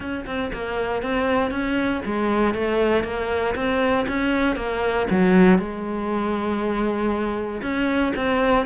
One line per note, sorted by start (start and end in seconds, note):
0.00 0.25 C#4
0.26 0.51 C4
0.53 1.02 A#3
1.02 1.50 C4
1.50 2.01 C#4
2.05 2.54 G#3
2.54 3.03 A3
3.03 3.54 A#3
3.55 4.06 C4
4.07 4.56 C#4
4.56 5.07 A#3
5.10 5.58 F#3
5.58 7.61 G#3
7.62 8.12 C#4
8.16 8.66 C4